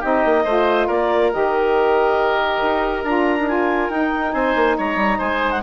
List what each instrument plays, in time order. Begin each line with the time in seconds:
0.00 bassoon C4, saxophone D#4, oboe G4, clarinet D#5
0.24 bassoon A#3
0.44 bassoon A3, saxophone F4, oboe C5
0.87 bassoon A#3, oboe A#4, clarinet D5
1.32 bassoon D#3, saxophone G4, clarinet D#5
2.61 bassoon D#4
3.03 bassoon D4, saxophone F4, clarinet A#5
3.39 saxophone D#4
3.48 saxophone F4, clarinet G#5
3.89 bassoon D#4, saxophone D#4, clarinet G5
4.32 bassoon C4, oboe C5, clarinet G#5
4.55 bassoon A#3
4.77 bassoon G#3, oboe C#5, clarinet A#5
4.95 bassoon G3
5.18 bassoon G#3, oboe C5, clarinet G#5
5.51 clarinet F#5